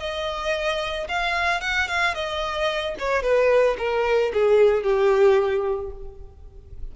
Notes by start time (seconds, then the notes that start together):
0.00 D#5
1.09 F5
1.61 F#5
1.88 F5
2.15 D#5
2.99 C#5
3.23 B4
3.78 A#4
4.34 G#4
4.84 G4